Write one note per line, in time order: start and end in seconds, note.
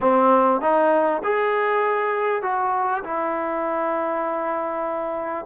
0.00 0.61 C4
0.61 1.21 D#4
1.23 2.42 G#4
2.42 3.03 F#4
3.03 5.45 E4